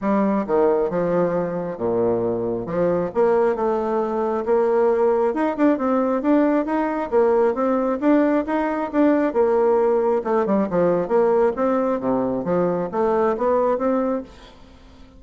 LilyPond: \new Staff \with { instrumentName = "bassoon" } { \time 4/4 \tempo 4 = 135 g4 dis4 f2 | ais,2 f4 ais4 | a2 ais2 | dis'8 d'8 c'4 d'4 dis'4 |
ais4 c'4 d'4 dis'4 | d'4 ais2 a8 g8 | f4 ais4 c'4 c4 | f4 a4 b4 c'4 | }